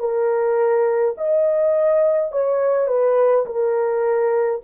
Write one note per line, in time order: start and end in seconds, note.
0.00 1.15 A#4
1.17 2.32 D#5
2.32 2.88 C#5
2.88 3.46 B4
3.46 4.62 A#4